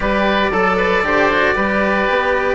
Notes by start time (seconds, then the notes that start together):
0.00 G3 G4 B4 D5
0.51 F#3 A4
0.77 B4
1.01 D3 G4 C5
1.31 F#4
1.55 G3 G4 B4
2.09 B3